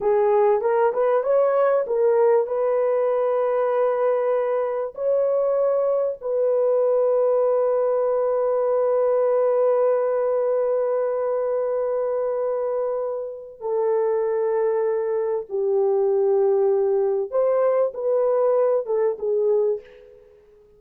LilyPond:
\new Staff \with { instrumentName = "horn" } { \time 4/4 \tempo 4 = 97 gis'4 ais'8 b'8 cis''4 ais'4 | b'1 | cis''2 b'2~ | b'1~ |
b'1~ | b'2 a'2~ | a'4 g'2. | c''4 b'4. a'8 gis'4 | }